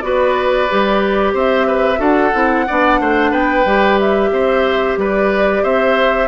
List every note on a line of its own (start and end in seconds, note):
0.00 0.68 B3
0.00 0.67 F#4
0.00 1.34 B4
0.00 1.32 D5
0.69 1.34 G3
0.69 1.97 G4
1.34 1.99 C4
1.34 1.67 C5
1.34 2.02 E5
1.67 1.99 B4
1.97 2.32 D4
1.97 2.30 F#4
1.97 2.65 A4
1.97 3.32 F#5
2.33 2.67 C4
2.33 2.66 E4
2.67 3.00 B3
2.67 3.65 D4
2.67 3.00 D5
3.00 3.32 A3
3.00 3.30 C5
3.30 3.65 B3
3.30 4.29 B4
3.30 3.98 G5
3.65 4.31 G3
3.65 6.28 G4
3.99 4.98 E5
4.31 4.97 C4
4.31 4.99 C5
4.97 5.63 G3
4.97 5.63 B4
4.97 5.64 D5
5.63 6.28 C4
5.63 6.28 C5
5.63 6.28 E5